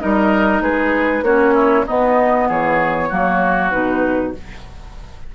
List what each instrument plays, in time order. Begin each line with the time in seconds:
0.00 bassoon G3, clarinet D#4, oboe A#4, flute D#5
0.61 bassoon G#3, oboe G#4, flute B4
1.22 bassoon A#3, clarinet C#4, oboe F#4, flute C#5
1.54 oboe E4
1.87 clarinet B3, bassoon B3, oboe D#4, flute D#5
2.48 bassoon E3, oboe G#4, flute C#5
3.09 bassoon F#3, clarinet A#3, oboe F#4
3.71 bassoon B2, clarinet D#4, flute B4